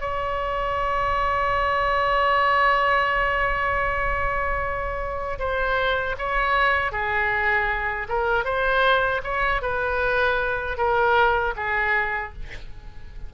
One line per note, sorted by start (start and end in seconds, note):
0.00 5.38 C#5
5.39 6.16 C5
6.18 6.92 C#5
6.92 8.07 G#4
8.08 8.44 A#4
8.44 9.21 C5
9.23 9.62 C#5
9.62 10.77 B4
10.77 11.54 A#4
11.56 12.33 G#4